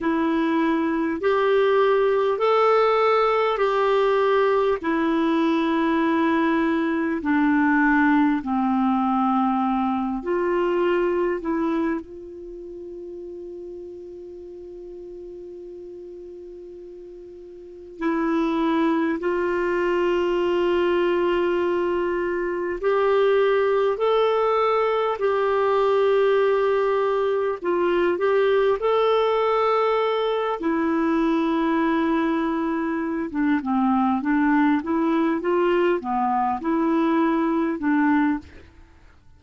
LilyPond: \new Staff \with { instrumentName = "clarinet" } { \time 4/4 \tempo 4 = 50 e'4 g'4 a'4 g'4 | e'2 d'4 c'4~ | c'8 f'4 e'8 f'2~ | f'2. e'4 |
f'2. g'4 | a'4 g'2 f'8 g'8 | a'4. e'2~ e'16 d'16 | c'8 d'8 e'8 f'8 b8 e'4 d'8 | }